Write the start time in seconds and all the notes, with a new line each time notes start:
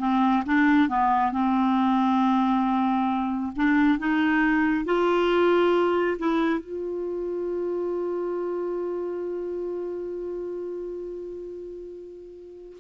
0.00 C4
0.47 D4
0.89 B3
1.32 C4
3.57 D4
3.99 D#4
4.86 F4
6.19 E4
6.61 F4